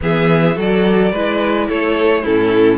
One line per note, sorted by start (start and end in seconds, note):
0.01 0.57 E3
0.01 0.55 B3
0.01 0.55 G#4
0.01 0.58 E5
0.55 1.12 F#3
0.55 1.11 F#4
0.55 1.11 A4
0.55 1.69 D5
1.11 1.68 G#3
1.11 2.24 E4
1.11 1.67 B4
1.68 2.25 A3
1.68 2.22 A4
1.68 2.25 C#5
2.22 2.78 A2
2.22 2.78 C#4
2.22 2.78 E4
2.22 2.78 A4